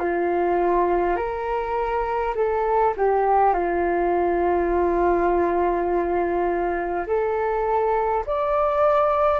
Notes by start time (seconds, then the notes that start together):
0.00 F4
1.17 A#4
2.35 A4
2.97 G4
3.53 F4
7.07 A4
8.27 D5